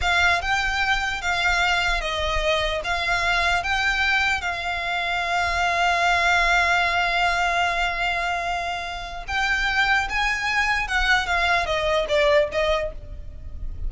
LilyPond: \new Staff \with { instrumentName = "violin" } { \time 4/4 \tempo 4 = 149 f''4 g''2 f''4~ | f''4 dis''2 f''4~ | f''4 g''2 f''4~ | f''1~ |
f''1~ | f''2. g''4~ | g''4 gis''2 fis''4 | f''4 dis''4 d''4 dis''4 | }